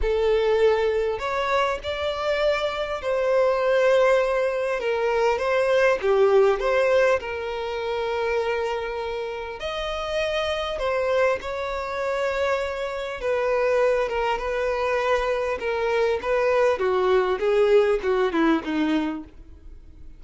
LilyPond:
\new Staff \with { instrumentName = "violin" } { \time 4/4 \tempo 4 = 100 a'2 cis''4 d''4~ | d''4 c''2. | ais'4 c''4 g'4 c''4 | ais'1 |
dis''2 c''4 cis''4~ | cis''2 b'4. ais'8 | b'2 ais'4 b'4 | fis'4 gis'4 fis'8 e'8 dis'4 | }